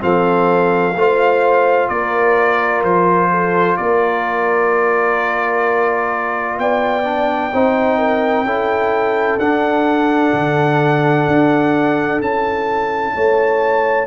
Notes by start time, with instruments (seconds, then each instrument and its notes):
0.00 tuba F3, trombone C4, horn A4, trumpet F5
0.95 tuba A3, trombone F4, horn C5
1.89 tuba A#3, horn A#4, trumpet D5
2.83 tuba F3, trumpet C5
3.30 horn A4
3.77 tuba A#3, horn A#4, trumpet D5
6.58 tuba B3, horn D5, trumpet G5
7.04 trombone D4
7.53 tuba C4, trombone D#4, horn C5
7.98 horn A#4
8.44 tuba C#4, trombone E4, horn A4
9.38 tuba D4, trombone D4, trumpet F#5
10.33 tuba D3
11.27 tuba D4
12.21 tuba C#4, trombone E4, trumpet A5
13.15 tuba A3, horn C#5